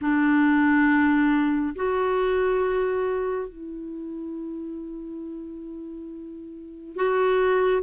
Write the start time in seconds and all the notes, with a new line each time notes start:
0.01 D4
1.75 F#4
3.48 E4
6.96 F#4